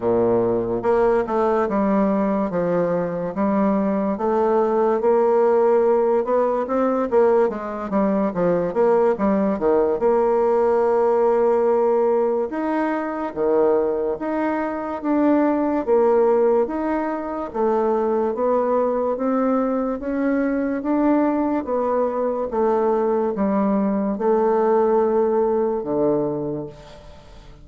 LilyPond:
\new Staff \with { instrumentName = "bassoon" } { \time 4/4 \tempo 4 = 72 ais,4 ais8 a8 g4 f4 | g4 a4 ais4. b8 | c'8 ais8 gis8 g8 f8 ais8 g8 dis8 | ais2. dis'4 |
dis4 dis'4 d'4 ais4 | dis'4 a4 b4 c'4 | cis'4 d'4 b4 a4 | g4 a2 d4 | }